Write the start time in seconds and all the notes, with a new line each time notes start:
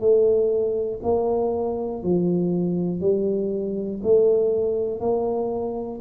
0.00 A3
1.03 A#3
2.03 F3
3.00 G3
4.03 A3
5.00 A#3